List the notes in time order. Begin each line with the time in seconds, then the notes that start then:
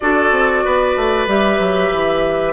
0.00 D4 F#4 A4 D5
0.31 C4
0.64 B3 B4
0.96 A3
1.26 G3 G4 E5
1.59 F#3
1.91 E3